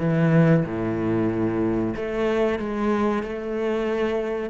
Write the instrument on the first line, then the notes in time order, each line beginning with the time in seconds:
cello
0.00 E3
0.66 A2
1.96 A3
2.59 G#3
3.24 A3